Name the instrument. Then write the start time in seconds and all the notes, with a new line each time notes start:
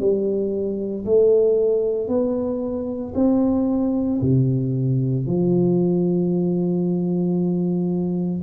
tuba
0.00 G3
1.06 A3
2.09 B3
3.15 C4
4.22 C3
5.27 F3